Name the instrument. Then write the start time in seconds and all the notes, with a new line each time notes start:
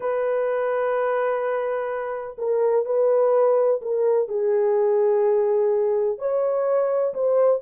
horn
0.00 B4
2.37 A#4
2.85 B4
3.81 A#4
4.28 G#4
6.18 C#5
7.14 C5